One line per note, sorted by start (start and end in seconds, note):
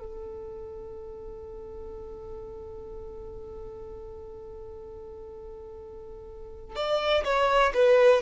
0.00 6.76 A4
6.76 7.24 D5
7.25 7.73 C#5
7.74 8.22 B4